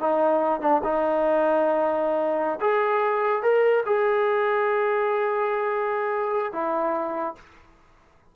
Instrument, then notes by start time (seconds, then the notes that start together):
trombone
0.00 D#4
0.61 D4
0.84 D#4
2.61 G#4
3.43 A#4
3.86 G#4
6.53 E4